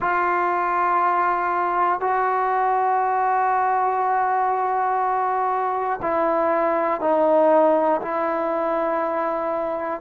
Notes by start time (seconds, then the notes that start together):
0.00 F4
2.00 F#4
6.01 E4
7.00 D#4
8.01 E4